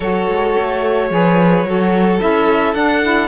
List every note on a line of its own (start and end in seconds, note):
0.00 0.28 F#3
0.00 1.10 F#4
0.00 1.10 A4
0.00 2.19 C#5
0.28 0.56 G#3
0.58 1.10 A3
1.10 1.64 F3
1.10 1.65 G#4
1.10 1.68 B4
1.64 2.19 F#3
1.64 2.19 F#4
1.64 3.28 A4
2.19 2.74 C#4
2.19 2.74 E4
2.19 2.74 E5
2.74 3.01 D4
2.74 3.28 D4
2.74 3.28 F#5
3.02 3.28 E4